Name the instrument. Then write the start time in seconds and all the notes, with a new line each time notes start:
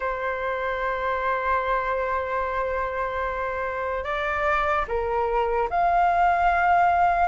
flute
0.00 C5
4.04 D5
4.88 A#4
5.69 F5